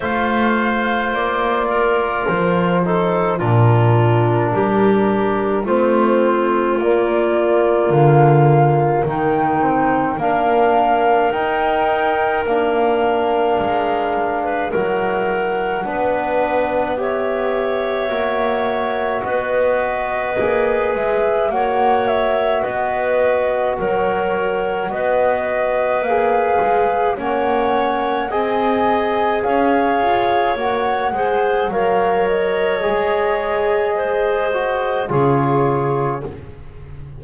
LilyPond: <<
  \new Staff \with { instrumentName = "flute" } { \time 4/4 \tempo 4 = 53 f''4 d''4 c''4 ais'4~ | ais'4 c''4 d''4 f''4 | g''4 f''4 g''4 f''4~ | f''4 fis''2 e''4~ |
e''4 dis''4. e''8 fis''8 e''8 | dis''4 cis''4 dis''4 f''4 | fis''4 gis''4 f''4 fis''4 | f''8 dis''2~ dis''8 cis''4 | }
  \new Staff \with { instrumentName = "clarinet" } { \time 4/4 c''4. ais'4 a'8 f'4 | g'4 f'2. | dis'4 ais'2.~ | ais'8. b'16 ais'4 b'4 cis''4~ |
cis''4 b'2 cis''4 | b'4 ais'4 b'2 | cis''4 dis''4 cis''4. c''8 | cis''2 c''4 gis'4 | }
  \new Staff \with { instrumentName = "trombone" } { \time 4/4 f'2~ f'8 dis'8 d'4~ | d'4 c'4 ais2~ | ais8 c'8 d'4 dis'4 d'4~ | d'4 e'4 d'4 g'4 |
fis'2 gis'4 fis'4~ | fis'2. gis'4 | cis'4 gis'2 fis'8 gis'8 | ais'4 gis'4. fis'8 f'4 | }
  \new Staff \with { instrumentName = "double bass" } { \time 4/4 a4 ais4 f4 ais,4 | g4 a4 ais4 d4 | dis4 ais4 dis'4 ais4 | gis4 fis4 b2 |
ais4 b4 ais8 gis8 ais4 | b4 fis4 b4 ais8 gis8 | ais4 c'4 cis'8 f'8 ais8 gis8 | fis4 gis2 cis4 | }
>>